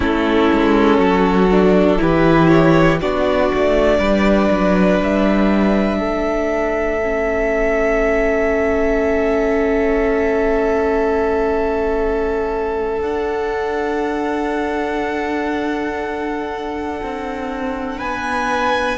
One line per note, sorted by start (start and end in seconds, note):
0.00 0.48 A3
0.00 1.50 C#4
0.00 0.96 E4
0.00 2.01 A4
0.53 0.98 G#3
0.98 1.98 F#3
0.98 1.98 F#4
1.50 1.97 D4
1.97 3.02 E3
1.97 2.98 E4
1.97 3.01 G4
1.97 2.48 B4
2.48 2.98 C#5
3.00 3.52 B3
3.00 7.01 D4
3.00 3.98 F#4
3.00 5.00 D5
3.54 3.98 A3
3.98 4.48 G3
3.98 5.98 B4
4.50 5.00 F#3
5.00 6.00 G3
5.00 13.01 E5
5.99 13.00 A3
5.99 17.97 A4
7.02 12.96 C#4
12.96 18.96 D4
12.96 17.01 D4
12.96 17.99 F#5
17.02 18.01 C4
17.97 18.97 B3
17.97 18.97 B4
17.97 18.97 G#5